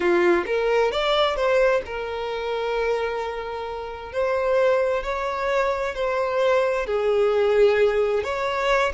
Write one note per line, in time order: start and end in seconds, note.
0.00 0.44 F4
0.46 0.91 A#4
0.91 1.36 D5
1.36 1.81 C5
1.85 4.12 A#4
4.12 5.03 C5
5.03 5.94 C#5
5.94 6.86 C5
6.86 8.23 G#4
8.23 8.92 C#5